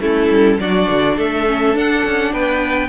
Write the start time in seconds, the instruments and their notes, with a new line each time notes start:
0.00 cello A3, viola C#4, violin E4 A4
0.30 cello G3
0.59 cello F#3, viola D4, violin F#4 D5
0.89 cello D3
1.17 cello A3, violin A4 E5
1.47 viola C#4
1.74 viola D4, cello D4, violin F#5
2.05 cello C#4
2.33 cello B3, violin B4 G5